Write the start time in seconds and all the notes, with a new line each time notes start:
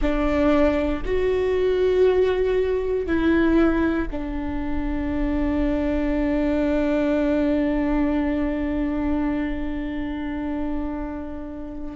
0.01 D4
1.05 F#4
3.06 E4
4.10 D4